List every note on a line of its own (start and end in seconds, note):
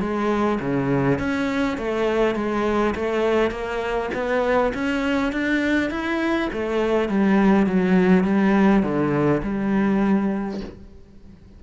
0.00 0.59 G#3
0.60 1.19 C#3
1.19 1.78 C#4
1.78 2.35 A3
2.35 2.94 G#3
2.95 3.51 A3
3.51 4.10 A#3
4.14 4.73 B3
4.74 5.32 C#4
5.32 5.90 D4
5.90 6.49 E4
6.53 7.09 A3
7.09 7.67 G3
7.67 8.24 F#3
8.24 8.83 G3
8.83 9.42 D3
9.43 10.60 G3